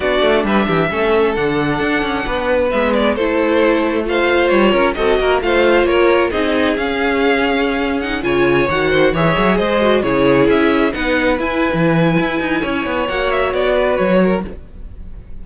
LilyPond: <<
  \new Staff \with { instrumentName = "violin" } { \time 4/4 \tempo 4 = 133 d''4 e''2 fis''4~ | fis''2 e''8 d''8 c''4~ | c''4 f''4 cis''4 dis''4 | f''4 cis''4 dis''4 f''4~ |
f''4.~ f''16 fis''8 gis''4 fis''8.~ | fis''16 e''4 dis''4 cis''4 e''8.~ | e''16 fis''4 gis''2~ gis''8.~ | gis''4 fis''8 e''8 d''4 cis''4 | }
  \new Staff \with { instrumentName = "violin" } { \time 4/4 fis'4 b'8 g'8 a'2~ | a'4 b'2 a'4~ | a'4 c''4. ais'8 a'8 ais'8 | c''4 ais'4 gis'2~ |
gis'2~ gis'16 cis''4. c''16~ | c''16 cis''4 c''4 gis'4.~ gis'16~ | gis'16 b'2.~ b'8. | cis''2~ cis''8 b'4 ais'8 | }
  \new Staff \with { instrumentName = "viola" } { \time 4/4 d'2 cis'4 d'4~ | d'2 b4 e'4~ | e'4 f'2 fis'4 | f'2 dis'4 cis'4~ |
cis'4.~ cis'16 dis'8 f'4 fis'8.~ | fis'16 gis'4. fis'8 e'4.~ e'16~ | e'16 dis'4 e'2~ e'8.~ | e'4 fis'2. | }
  \new Staff \with { instrumentName = "cello" } { \time 4/4 b8 a8 g8 e8 a4 d4 | d'8 cis'8 b4 gis4 a4~ | a2 g8 cis'8 c'8 ais8 | a4 ais4 c'4 cis'4~ |
cis'2~ cis'16 cis4 dis8.~ | dis16 e8 fis8 gis4 cis4 cis'8.~ | cis'16 b4 e'8. e4 e'8 dis'8 | cis'8 b8 ais4 b4 fis4 | }
>>